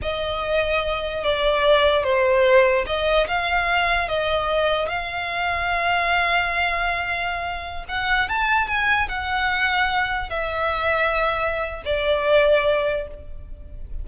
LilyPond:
\new Staff \with { instrumentName = "violin" } { \time 4/4 \tempo 4 = 147 dis''2. d''4~ | d''4 c''2 dis''4 | f''2 dis''2 | f''1~ |
f''2.~ f''16 fis''8.~ | fis''16 a''4 gis''4 fis''4.~ fis''16~ | fis''4~ fis''16 e''2~ e''8.~ | e''4 d''2. | }